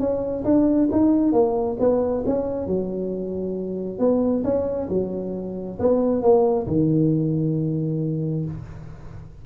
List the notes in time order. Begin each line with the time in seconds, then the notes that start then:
0.00 C#4
0.45 D4
0.92 D#4
1.33 A#3
1.80 B3
2.26 C#4
2.67 F#3
3.99 B3
4.44 C#4
4.90 F#3
5.79 B3
6.22 A#3
6.67 D#3